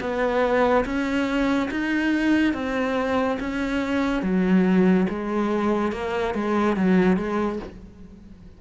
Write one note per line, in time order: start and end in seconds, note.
0.00 0.85 B3
0.85 1.69 C#4
1.71 2.53 D#4
2.53 3.38 C4
3.40 4.22 C#4
4.22 5.07 F#3
5.09 5.92 G#3
5.92 6.34 A#3
6.34 6.76 G#3
6.76 7.16 F#3
7.16 7.59 G#3